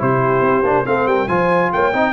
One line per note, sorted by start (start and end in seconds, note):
0.00 0.41 C3
0.00 0.64 E4
0.00 0.86 G4
0.00 0.87 C5
0.41 0.63 C4
0.64 0.85 A#3
0.64 0.86 D4
0.86 1.07 A3
0.86 1.29 C4
0.86 1.07 A4
0.86 1.08 F5
1.07 1.28 G3
1.07 1.29 A#4
1.07 1.29 G5
1.28 1.71 F3
1.28 1.93 F4
1.28 1.72 C5
1.28 1.72 G#5
1.73 1.94 A#3
1.73 1.94 C#5
1.73 2.13 G5
1.93 2.13 C4
1.93 2.13 D#4
1.93 2.13 D#5